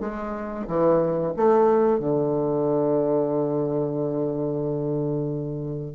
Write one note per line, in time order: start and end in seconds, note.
0.00 0.66 G#3
0.67 1.33 E3
1.36 1.99 A3
1.99 5.95 D3